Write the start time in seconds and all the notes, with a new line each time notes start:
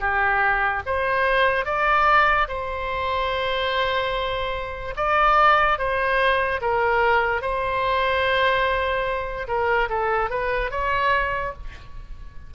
0.00 G4
0.86 C5
1.66 D5
2.48 C5
4.97 D5
5.78 C5
6.61 A#4
7.42 C5
9.47 A#4
9.89 A4
10.30 B4
10.71 C#5